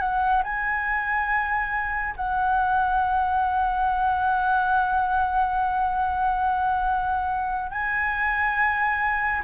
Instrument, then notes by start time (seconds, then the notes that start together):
flute
0.00 F#5
0.44 G#5
2.17 F#5
7.71 G#5